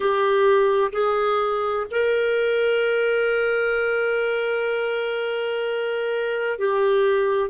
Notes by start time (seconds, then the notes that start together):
0.00 G4
0.92 G#4
1.90 A#4
6.58 G4